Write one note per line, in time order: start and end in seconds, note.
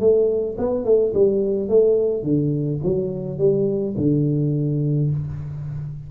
0.00 0.57 A3
0.58 0.85 B3
0.85 1.13 A3
1.14 1.69 G3
1.69 2.24 A3
2.24 2.80 D3
2.84 3.39 F#3
3.39 3.95 G3
3.97 5.10 D3